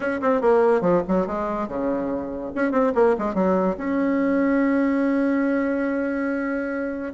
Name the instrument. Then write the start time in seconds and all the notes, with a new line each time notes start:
bassoon
0.00 C#4
0.21 C4
0.41 A#3
0.81 F3
1.07 F#3
1.26 G#3
1.68 C#3
2.55 C#4
2.71 C4
2.95 A#3
3.18 G#3
3.34 F#3
3.77 C#4